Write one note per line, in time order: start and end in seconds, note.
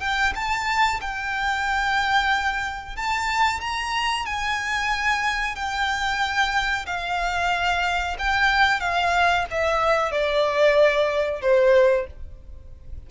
0.00 0.33 G5
0.35 1.00 A5
1.00 2.96 G5
2.96 3.60 A5
3.60 4.25 A#5
4.25 5.55 G#5
5.55 6.85 G5
6.86 8.16 F5
8.18 8.80 G5
8.80 9.45 F5
9.50 10.11 E5
10.11 11.41 D5
11.41 12.06 C5